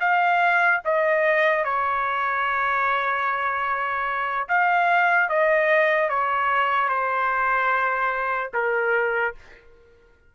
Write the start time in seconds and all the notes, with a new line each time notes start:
0.00 F5
0.85 D#5
1.65 C#5
4.49 F5
5.29 D#5
6.10 C#5
6.89 C5
8.54 A#4